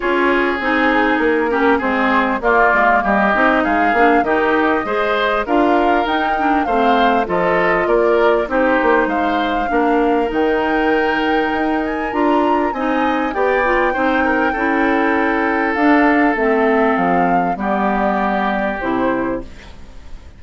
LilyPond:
<<
  \new Staff \with { instrumentName = "flute" } { \time 4/4 \tempo 4 = 99 cis''4 gis'4 ais'4 c''4 | d''4 dis''4 f''4 dis''4~ | dis''4 f''4 g''4 f''4 | dis''4 d''4 c''4 f''4~ |
f''4 g''2~ g''8 gis''8 | ais''4 gis''4 g''2~ | g''2 f''4 e''4 | f''4 d''2 c''4 | }
  \new Staff \with { instrumentName = "oboe" } { \time 4/4 gis'2~ gis'8 g'8 gis'4 | f'4 g'4 gis'4 g'4 | c''4 ais'2 c''4 | a'4 ais'4 g'4 c''4 |
ais'1~ | ais'4 dis''4 d''4 c''8 ais'8 | a'1~ | a'4 g'2. | }
  \new Staff \with { instrumentName = "clarinet" } { \time 4/4 f'4 dis'4. cis'8 c'4 | ais4. dis'4 d'8 dis'4 | gis'4 f'4 dis'8 d'8 c'4 | f'2 dis'2 |
d'4 dis'2. | f'4 dis'4 g'8 f'8 dis'4 | e'2 d'4 c'4~ | c'4 b2 e'4 | }
  \new Staff \with { instrumentName = "bassoon" } { \time 4/4 cis'4 c'4 ais4 gis4 | ais8 gis8 g8 c'8 gis8 ais8 dis4 | gis4 d'4 dis'4 a4 | f4 ais4 c'8 ais8 gis4 |
ais4 dis2 dis'4 | d'4 c'4 b4 c'4 | cis'2 d'4 a4 | f4 g2 c4 | }
>>